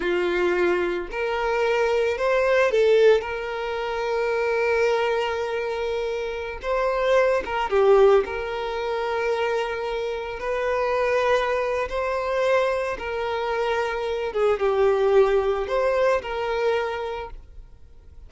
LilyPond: \new Staff \with { instrumentName = "violin" } { \time 4/4 \tempo 4 = 111 f'2 ais'2 | c''4 a'4 ais'2~ | ais'1~ | ais'16 c''4. ais'8 g'4 ais'8.~ |
ais'2.~ ais'16 b'8.~ | b'2 c''2 | ais'2~ ais'8 gis'8 g'4~ | g'4 c''4 ais'2 | }